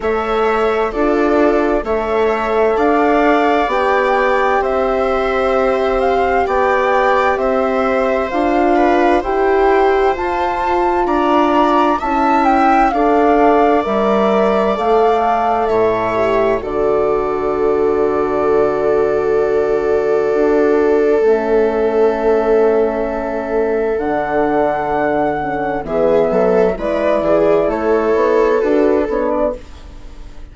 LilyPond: <<
  \new Staff \with { instrumentName = "flute" } { \time 4/4 \tempo 4 = 65 e''4 d''4 e''4 f''4 | g''4 e''4. f''8 g''4 | e''4 f''4 g''4 a''4 | ais''4 a''8 g''8 f''4 e''4 |
f''4 e''4 d''2~ | d''2. e''4~ | e''2 fis''2 | e''4 d''4 cis''4 b'8 cis''16 d''16 | }
  \new Staff \with { instrumentName = "viola" } { \time 4/4 cis''4 a'4 cis''4 d''4~ | d''4 c''2 d''4 | c''4. b'8 c''2 | d''4 e''4 d''2~ |
d''4 cis''4 a'2~ | a'1~ | a'1 | gis'8 a'8 b'8 gis'8 a'2 | }
  \new Staff \with { instrumentName = "horn" } { \time 4/4 a'4 f'4 a'2 | g'1~ | g'4 f'4 g'4 f'4~ | f'4 e'4 a'4 ais'4 |
a'4. g'8 fis'2~ | fis'2. cis'4~ | cis'2 d'4. cis'8 | b4 e'2 fis'8 d'8 | }
  \new Staff \with { instrumentName = "bassoon" } { \time 4/4 a4 d'4 a4 d'4 | b4 c'2 b4 | c'4 d'4 e'4 f'4 | d'4 cis'4 d'4 g4 |
a4 a,4 d2~ | d2 d'4 a4~ | a2 d2 | e8 fis8 gis8 e8 a8 b8 d'8 b8 | }
>>